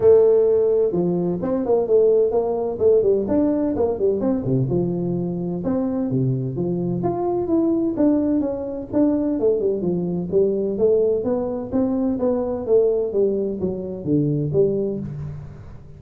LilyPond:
\new Staff \with { instrumentName = "tuba" } { \time 4/4 \tempo 4 = 128 a2 f4 c'8 ais8 | a4 ais4 a8 g8 d'4 | ais8 g8 c'8 c8 f2 | c'4 c4 f4 f'4 |
e'4 d'4 cis'4 d'4 | a8 g8 f4 g4 a4 | b4 c'4 b4 a4 | g4 fis4 d4 g4 | }